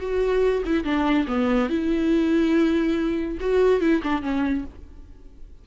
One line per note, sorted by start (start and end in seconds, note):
0.00 0.64 F#4
0.66 0.85 E4
0.85 1.27 D4
1.28 1.70 B3
1.70 3.39 E4
3.41 3.81 F#4
3.81 4.02 E4
4.03 4.23 D4
4.23 4.65 C#4